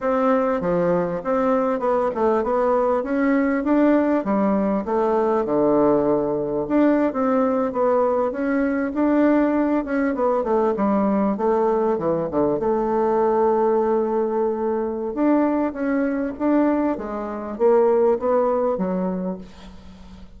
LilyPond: \new Staff \with { instrumentName = "bassoon" } { \time 4/4 \tempo 4 = 99 c'4 f4 c'4 b8 a8 | b4 cis'4 d'4 g4 | a4 d2 d'8. c'16~ | c'8. b4 cis'4 d'4~ d'16~ |
d'16 cis'8 b8 a8 g4 a4 e16~ | e16 d8 a2.~ a16~ | a4 d'4 cis'4 d'4 | gis4 ais4 b4 fis4 | }